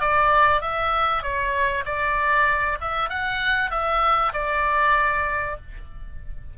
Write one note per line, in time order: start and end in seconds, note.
0.00 0.61 D5
0.61 1.22 E5
1.22 1.84 C#5
1.86 2.78 D5
2.81 3.09 E5
3.09 3.71 F#5
3.71 4.32 E5
4.33 5.56 D5